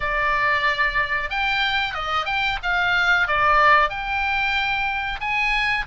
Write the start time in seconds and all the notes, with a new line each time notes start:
0.00 D5
1.30 G5
1.94 D#5
2.25 G5
2.62 F5
3.27 D5
3.89 G5
5.20 G#5